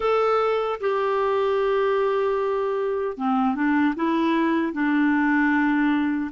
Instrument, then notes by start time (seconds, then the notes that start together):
clarinet
0.00 A4
0.80 G4
3.17 C4
3.55 D4
3.95 E4
4.72 D4